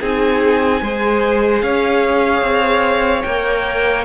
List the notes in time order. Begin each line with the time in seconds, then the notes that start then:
0.00 C4 D#4 G#4 G#5
0.81 G#3 G#4 C5
1.61 C#4 C#5 F5
2.42 C4
3.23 A#3 A#4 G5